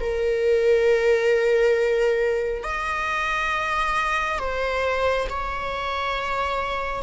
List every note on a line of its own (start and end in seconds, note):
0.00 2.63 A#4
2.63 4.39 D#5
4.39 5.27 C5
5.29 7.03 C#5